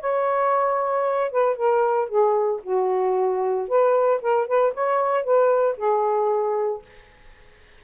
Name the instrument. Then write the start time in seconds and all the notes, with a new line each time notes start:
saxophone
0.00 C#5
1.31 B4
1.56 A#4
2.08 G#4
2.63 F#4
3.68 B4
4.21 A#4
4.47 B4
4.73 C#5
5.24 B4
5.77 G#4